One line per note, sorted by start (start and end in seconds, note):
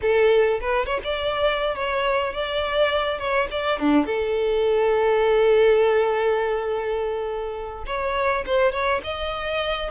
0.01 0.60 A4
0.60 0.86 B4
0.86 1.00 C#5
1.04 1.75 D5
1.75 2.33 C#5
2.33 3.18 D5
3.18 3.47 C#5
3.50 3.79 D5
3.79 4.05 D4
4.05 7.84 A4
7.86 8.44 C#5
8.46 8.71 C5
8.71 9.01 C#5
9.03 9.90 D#5